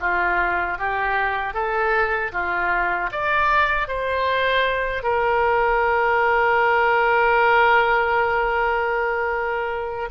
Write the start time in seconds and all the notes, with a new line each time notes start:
0.00 F4
0.78 G4
1.54 A4
2.32 F4
3.11 D5
3.87 C5
5.03 A#4